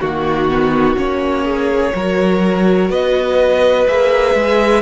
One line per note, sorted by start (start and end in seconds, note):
0.00 0.97 D#3
0.00 0.49 A#3
0.00 0.97 F#4
0.00 1.45 F#4
0.49 0.96 B3
0.96 1.93 A#3
0.96 1.93 C#4
0.96 2.91 C#5
1.45 1.93 G#4
1.94 2.90 F#3
1.94 3.87 F#4
1.94 2.90 A#4
2.90 3.87 B3
2.90 4.82 B4
2.90 3.87 D#5
3.87 4.34 A#3
3.87 4.82 G#4
3.87 4.82 E5
4.34 4.82 G#3